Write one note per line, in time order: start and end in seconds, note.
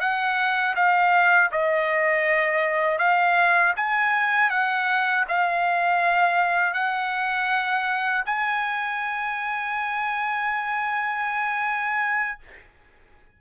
0.00 0.75 F#5
0.76 1.51 F5
1.52 2.99 D#5
2.99 3.74 F5
3.77 4.50 G#5
4.50 5.25 F#5
5.28 6.74 F5
6.74 8.24 F#5
8.26 12.39 G#5